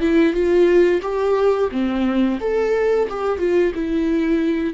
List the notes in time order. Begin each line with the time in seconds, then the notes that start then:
0.00 E4
0.33 F4
1.02 G4
1.71 C4
2.40 A4
3.09 G4
3.38 F4
3.74 E4